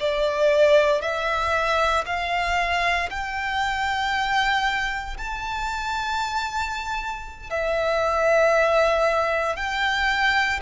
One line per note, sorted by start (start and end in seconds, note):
0.00 1.02 D5
1.02 2.05 E5
2.06 3.10 F5
3.10 5.17 G5
5.18 7.50 A5
7.50 9.56 E5
9.56 10.60 G5